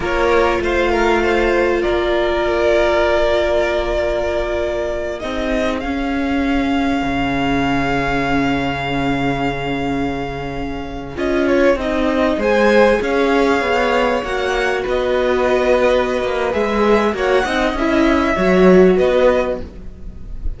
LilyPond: <<
  \new Staff \with { instrumentName = "violin" } { \time 4/4 \tempo 4 = 98 cis''4 f''2 d''4~ | d''1~ | d''8 dis''4 f''2~ f''8~ | f''1~ |
f''2~ f''16 dis''8 cis''8 dis''8.~ | dis''16 gis''4 f''2 fis''8.~ | fis''16 dis''2~ dis''8. e''4 | fis''4 e''2 dis''4 | }
  \new Staff \with { instrumentName = "violin" } { \time 4/4 ais'4 c''8 ais'8 c''4 ais'4~ | ais'1~ | ais'8 gis'2.~ gis'8~ | gis'1~ |
gis'1~ | gis'16 c''4 cis''2~ cis''8.~ | cis''16 b'2.~ b'8. | cis''8 dis''4. cis''4 b'4 | }
  \new Staff \with { instrumentName = "viola" } { \time 4/4 f'1~ | f'1~ | f'8 dis'4 cis'2~ cis'8~ | cis'1~ |
cis'2~ cis'16 f'4 dis'8.~ | dis'16 gis'2. fis'8.~ | fis'2. gis'4 | fis'8 dis'8 e'4 fis'2 | }
  \new Staff \with { instrumentName = "cello" } { \time 4/4 ais4 a2 ais4~ | ais1~ | ais8 c'4 cis'2 cis8~ | cis1~ |
cis2~ cis16 cis'4 c'8.~ | c'16 gis4 cis'4 b4 ais8.~ | ais16 b2~ b16 ais8 gis4 | ais8 c'8 cis'4 fis4 b4 | }
>>